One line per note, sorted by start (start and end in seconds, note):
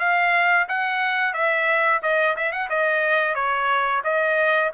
0.00 0.67 F5
0.69 1.34 F#5
1.34 2.01 E5
2.03 2.36 D#5
2.37 2.52 E5
2.52 2.69 F#5
2.70 3.35 D#5
3.35 4.02 C#5
4.04 4.72 D#5